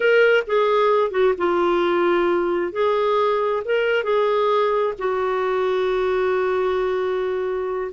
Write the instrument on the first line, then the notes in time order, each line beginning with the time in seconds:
clarinet
0.00 A#4
0.47 G#4
1.11 F#4
1.37 F4
2.72 G#4
3.64 A#4
4.03 G#4
4.98 F#4